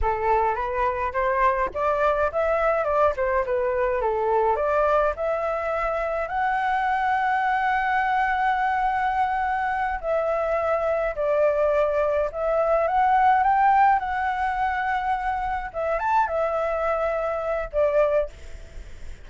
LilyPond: \new Staff \with { instrumentName = "flute" } { \time 4/4 \tempo 4 = 105 a'4 b'4 c''4 d''4 | e''4 d''8 c''8 b'4 a'4 | d''4 e''2 fis''4~ | fis''1~ |
fis''4. e''2 d''8~ | d''4. e''4 fis''4 g''8~ | g''8 fis''2. e''8 | a''8 e''2~ e''8 d''4 | }